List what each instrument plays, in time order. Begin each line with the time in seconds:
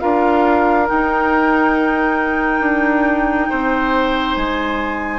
0.00 bassoon D4, clarinet F4, oboe A#4, flute F5
0.87 clarinet D#4, bassoon D#4, flute G5
2.61 bassoon D4
3.50 bassoon C4, oboe C5
4.35 bassoon G#3, flute G#5